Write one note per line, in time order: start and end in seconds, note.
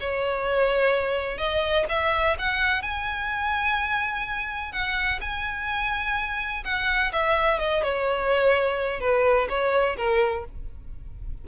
0.00 1.38 C#5
1.38 1.85 D#5
1.89 2.37 E5
2.39 2.82 F#5
2.82 4.72 G#5
4.72 5.20 F#5
5.21 6.64 G#5
6.64 7.12 F#5
7.13 7.59 E5
7.59 7.83 D#5
7.83 9.00 C#5
9.00 9.48 B4
9.49 9.97 C#5
9.97 10.45 A#4